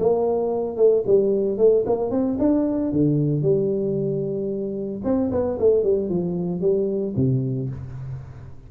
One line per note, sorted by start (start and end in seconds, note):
0.00 0.77 A#3
0.77 1.04 A3
1.07 1.58 G3
1.58 1.85 A3
1.87 2.11 A#3
2.11 2.38 C4
2.40 2.93 D4
2.93 3.43 D3
3.43 5.02 G3
5.05 5.31 C4
5.32 5.58 B3
5.59 5.84 A3
5.84 6.10 G3
6.10 6.61 F3
6.61 7.14 G3
7.17 7.70 C3